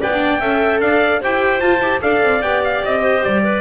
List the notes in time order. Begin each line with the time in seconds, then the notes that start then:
0.00 B3 B4 D5 G5
0.14 D4
0.39 C#4 A4 E5
0.80 D4 D5 F5
1.20 E4 G4 C5 G5
1.60 F4 A5
1.81 E4 G4
2.01 D4 A4 D5 F5
2.22 C4
2.42 B3 G4 G5
2.64 F5
2.84 C4 D#5
3.01 C5
3.24 G3 D5
3.44 B4